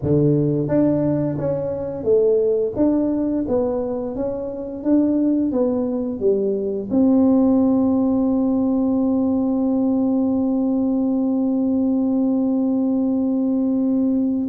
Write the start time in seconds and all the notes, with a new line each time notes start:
0.02 D3
0.67 D4
1.38 C#4
2.03 A3
2.76 D4
3.48 B3
4.15 C#4
4.83 D4
5.51 B3
6.19 G3
6.90 C4